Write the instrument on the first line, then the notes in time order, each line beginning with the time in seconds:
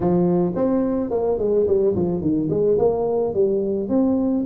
tuba
0.00 F3
0.55 C4
1.10 A#3
1.38 G#3
1.67 G3
1.95 F3
2.21 D#3
2.50 G#3
2.78 A#3
3.34 G3
3.89 C4